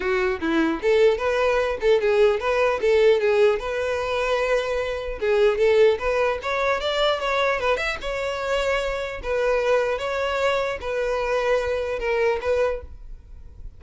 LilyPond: \new Staff \with { instrumentName = "violin" } { \time 4/4 \tempo 4 = 150 fis'4 e'4 a'4 b'4~ | b'8 a'8 gis'4 b'4 a'4 | gis'4 b'2.~ | b'4 gis'4 a'4 b'4 |
cis''4 d''4 cis''4 b'8 e''8 | cis''2. b'4~ | b'4 cis''2 b'4~ | b'2 ais'4 b'4 | }